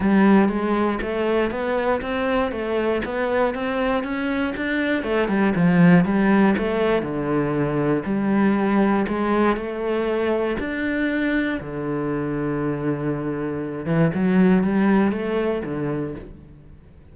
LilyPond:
\new Staff \with { instrumentName = "cello" } { \time 4/4 \tempo 4 = 119 g4 gis4 a4 b4 | c'4 a4 b4 c'4 | cis'4 d'4 a8 g8 f4 | g4 a4 d2 |
g2 gis4 a4~ | a4 d'2 d4~ | d2.~ d8 e8 | fis4 g4 a4 d4 | }